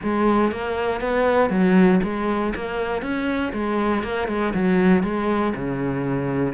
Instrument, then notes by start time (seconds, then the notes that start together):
cello
0.03 G#3
0.51 A#3
1.00 B3
1.49 F#3
2.03 G#3
2.55 A#3
3.02 C#4
3.52 G#3
4.03 A#3
4.28 G#3
4.54 F#3
5.03 G#3
5.55 C#3